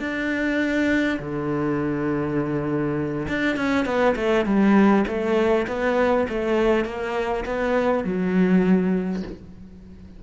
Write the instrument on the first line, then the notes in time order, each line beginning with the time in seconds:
cello
0.00 D4
1.20 D3
3.28 D4
3.56 C#4
3.85 B3
4.16 A3
4.46 G3
5.07 A3
5.68 B3
6.29 A3
6.85 A#3
7.46 B3
8.04 F#3